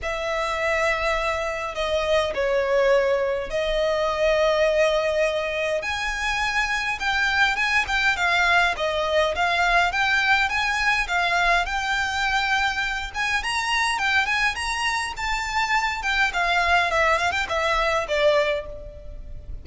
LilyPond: \new Staff \with { instrumentName = "violin" } { \time 4/4 \tempo 4 = 103 e''2. dis''4 | cis''2 dis''2~ | dis''2 gis''2 | g''4 gis''8 g''8 f''4 dis''4 |
f''4 g''4 gis''4 f''4 | g''2~ g''8 gis''8 ais''4 | g''8 gis''8 ais''4 a''4. g''8 | f''4 e''8 f''16 g''16 e''4 d''4 | }